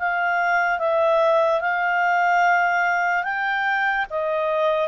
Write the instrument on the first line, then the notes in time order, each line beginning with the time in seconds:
clarinet
0.00 F5
0.79 E5
1.61 F5
3.24 G5
4.11 D#5